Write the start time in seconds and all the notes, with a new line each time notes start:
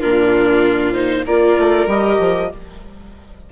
0.00 A#2 D4 F4 A#4
0.93 D#4 C5
1.26 A#3 F4 A#4 D5
1.59 A3
1.87 G3 G4 D#5
2.20 F3